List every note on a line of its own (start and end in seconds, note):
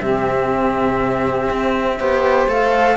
0.00 1.49 C3
0.00 2.00 C4
0.00 1.98 G4
0.00 2.49 E5
1.51 2.00 C4
1.98 2.47 B3
1.98 2.49 G4
1.98 2.97 C5
2.47 2.97 A3
2.47 2.97 A4
2.47 2.97 F5